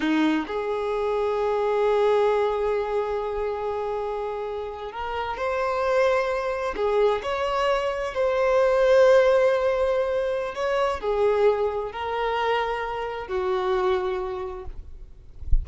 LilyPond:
\new Staff \with { instrumentName = "violin" } { \time 4/4 \tempo 4 = 131 dis'4 gis'2.~ | gis'1~ | gis'2~ gis'8. ais'4 c''16~ | c''2~ c''8. gis'4 cis''16~ |
cis''4.~ cis''16 c''2~ c''16~ | c''2. cis''4 | gis'2 ais'2~ | ais'4 fis'2. | }